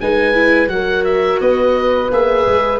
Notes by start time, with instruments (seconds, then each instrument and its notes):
0.00 tuba G#3, viola D#4, flute B4, oboe G#5
0.34 viola E4
0.67 tuba F#3, viola F#4, flute A#4, oboe F#5
1.04 oboe E5
1.40 tuba B3, flute B4, oboe D#5
2.11 tuba A#3, viola G#4, oboe E5
2.46 tuba G#3